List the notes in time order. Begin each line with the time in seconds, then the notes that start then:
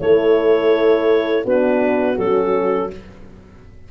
0.00 A3 E4 A4 C#5
1.45 B3 D4 F#4 B4
2.18 F#3 C#4 A4